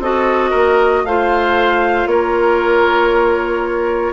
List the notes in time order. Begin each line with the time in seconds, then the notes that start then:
0.00 C4 F#4 A4 D#5
0.51 A#3 A#4
1.04 A3 F4 C5 F5
2.06 A#3 A#4 C#5